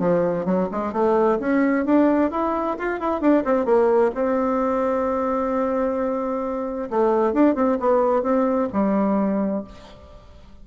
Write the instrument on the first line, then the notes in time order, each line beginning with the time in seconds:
bassoon
0.00 F3
0.46 F#3
0.72 G#3
0.93 A3
1.40 C#4
1.86 D4
2.32 E4
2.79 F4
3.00 E4
3.21 D4
3.45 C4
3.66 A#3
4.15 C4
6.91 A3
7.33 D4
7.56 C4
7.80 B3
8.23 C4
8.73 G3